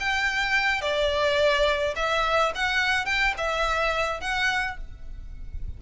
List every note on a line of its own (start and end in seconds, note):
0.00 0.82 G5
0.82 1.95 D5
1.96 2.52 E5
2.55 3.05 F#5
3.05 3.34 G5
3.37 4.21 E5
4.21 4.77 F#5